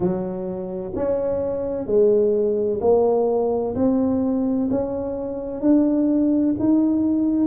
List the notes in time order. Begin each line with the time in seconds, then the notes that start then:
0.00 F#3
0.95 C#4
1.86 G#3
2.80 A#3
3.75 C4
4.70 C#4
5.61 D4
6.59 D#4